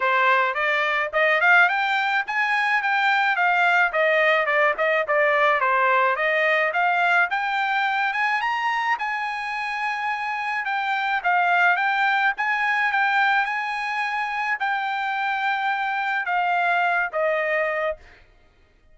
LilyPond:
\new Staff \with { instrumentName = "trumpet" } { \time 4/4 \tempo 4 = 107 c''4 d''4 dis''8 f''8 g''4 | gis''4 g''4 f''4 dis''4 | d''8 dis''8 d''4 c''4 dis''4 | f''4 g''4. gis''8 ais''4 |
gis''2. g''4 | f''4 g''4 gis''4 g''4 | gis''2 g''2~ | g''4 f''4. dis''4. | }